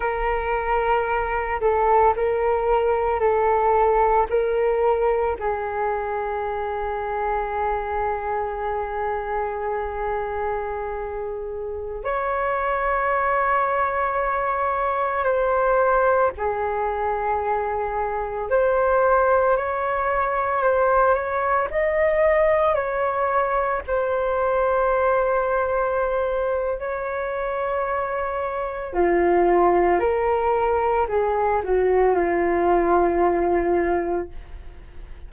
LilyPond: \new Staff \with { instrumentName = "flute" } { \time 4/4 \tempo 4 = 56 ais'4. a'8 ais'4 a'4 | ais'4 gis'2.~ | gis'2.~ gis'16 cis''8.~ | cis''2~ cis''16 c''4 gis'8.~ |
gis'4~ gis'16 c''4 cis''4 c''8 cis''16~ | cis''16 dis''4 cis''4 c''4.~ c''16~ | c''4 cis''2 f'4 | ais'4 gis'8 fis'8 f'2 | }